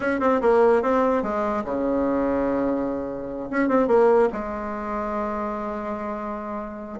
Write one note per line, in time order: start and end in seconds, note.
0.00 0.20 C#4
0.20 0.40 C4
0.41 0.82 A#3
0.82 1.22 C4
1.22 1.63 G#3
1.64 3.49 C#3
3.50 3.68 C#4
3.68 3.87 C4
3.87 4.28 A#3
4.32 6.99 G#3